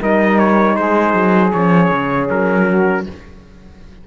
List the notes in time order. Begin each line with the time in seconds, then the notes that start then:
0.00 G3 D#4 A#4 D#5
0.39 C#5
0.76 G#3 G#4 C5
1.14 F#3
1.53 F3 C#4 C#5
1.91 C#3
2.30 F#3 A#4
2.67 F#4